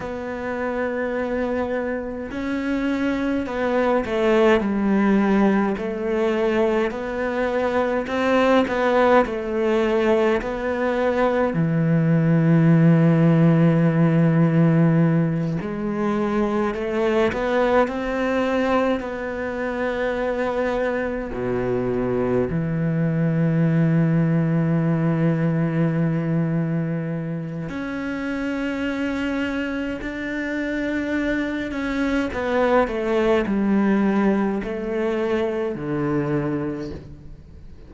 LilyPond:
\new Staff \with { instrumentName = "cello" } { \time 4/4 \tempo 4 = 52 b2 cis'4 b8 a8 | g4 a4 b4 c'8 b8 | a4 b4 e2~ | e4. gis4 a8 b8 c'8~ |
c'8 b2 b,4 e8~ | e1 | cis'2 d'4. cis'8 | b8 a8 g4 a4 d4 | }